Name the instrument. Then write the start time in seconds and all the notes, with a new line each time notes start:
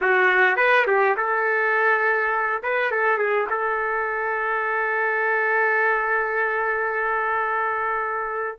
trumpet
0.01 F#4
0.56 B4
0.87 G4
1.17 A4
2.62 B4
2.91 A4
3.17 G#4
3.50 A4